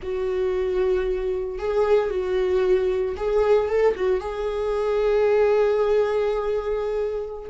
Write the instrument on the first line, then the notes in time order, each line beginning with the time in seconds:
viola
0.02 F#4
1.58 G#4
2.10 F#4
3.17 G#4
3.68 A4
3.95 F#4
4.20 G#4